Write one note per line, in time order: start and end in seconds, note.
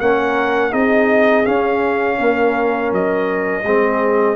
0.00 0.73 A#3
0.00 0.71 C#4
0.00 0.71 A#4
0.00 0.73 F#5
0.71 1.46 C4
0.71 1.44 D#4
0.71 2.17 G#4
0.71 1.45 D#5
1.45 3.64 C#4
1.45 2.19 C#4
1.45 2.92 F5
2.18 2.92 A#3
2.18 3.64 A#4
2.92 3.64 F#3
2.92 4.36 D#5
3.64 4.36 G#3
3.64 4.36 C4
3.64 4.36 G#4